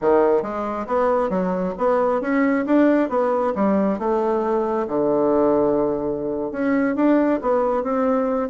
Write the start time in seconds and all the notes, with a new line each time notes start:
0.01 D#3
0.42 G#3
0.86 B3
1.29 F#3
1.78 B3
2.21 C#4
2.66 D4
3.09 B3
3.55 G3
3.98 A3
4.87 D3
6.51 C#4
6.95 D4
7.41 B3
7.83 C4